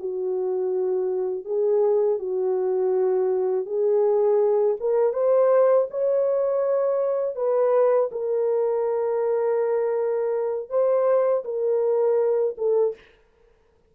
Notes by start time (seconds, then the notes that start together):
0.00 F#4
1.45 G#4
2.19 F#4
3.66 G#4
4.80 A#4
5.13 C5
5.91 C#5
7.36 B4
8.12 A#4
10.70 C5
11.45 A#4
12.58 A4